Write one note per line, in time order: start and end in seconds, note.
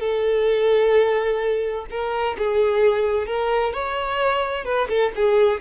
0.00 1.86 A4
1.90 2.37 A#4
2.38 3.26 G#4
3.26 3.73 A#4
3.73 4.65 C#5
4.65 4.88 B4
4.89 5.12 A4
5.15 5.60 G#4